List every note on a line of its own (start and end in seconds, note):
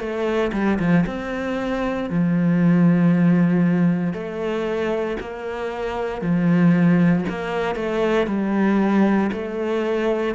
0.00 0.52 A3
0.53 0.79 G3
0.79 1.05 F3
1.07 2.10 C4
2.10 4.14 F3
4.14 5.17 A3
5.21 6.22 A#3
6.22 7.26 F3
7.29 7.76 A#3
7.76 8.28 A3
8.28 9.31 G3
9.33 10.35 A3